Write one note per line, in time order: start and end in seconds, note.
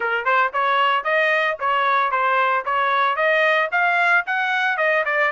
0.00 0.24 A#4
0.24 0.51 C5
0.53 1.04 C#5
1.04 1.57 D#5
1.59 2.11 C#5
2.11 2.64 C5
2.65 3.16 C#5
3.16 3.69 D#5
3.71 4.24 F5
4.26 4.77 F#5
4.77 5.03 D#5
5.05 5.31 D5